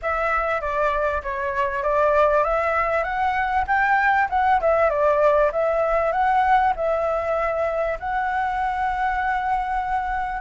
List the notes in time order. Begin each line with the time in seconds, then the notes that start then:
0.02 E5
0.60 D5
1.22 C#5
1.83 D5
2.44 E5
3.03 F#5
3.67 G5
4.29 F#5
4.60 E5
4.89 D5
5.52 E5
6.11 F#5
6.75 E5
7.99 F#5